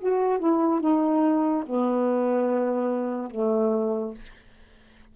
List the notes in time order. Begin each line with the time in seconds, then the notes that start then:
0.00 F#4
0.40 E4
0.81 D#4
1.66 B3
3.31 A3